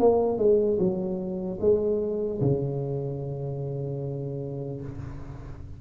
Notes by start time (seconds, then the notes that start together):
0.00 A#3
0.38 G#3
0.79 F#3
1.61 G#3
2.41 C#3